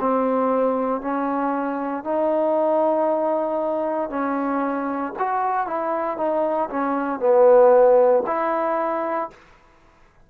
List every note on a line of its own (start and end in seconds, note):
0.00 1.01 C4
1.01 2.04 C#4
2.04 4.10 D#4
4.10 5.13 C#4
5.19 5.67 F#4
5.67 6.17 E4
6.17 6.69 D#4
6.70 7.19 C#4
7.19 8.23 B3
8.27 9.30 E4